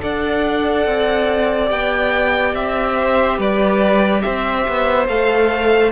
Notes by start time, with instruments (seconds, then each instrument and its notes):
0.00 cello D4, viola A4, violin D5 F#5
0.86 cello C4
1.67 cello B3, viola G4, violin G5
2.55 cello C4, violin E5
2.97 violin C5
3.38 cello G3, violin B4 D5
4.21 cello C4, violin C5 E5
4.68 cello B3
5.08 cello A3, viola A4, violin F5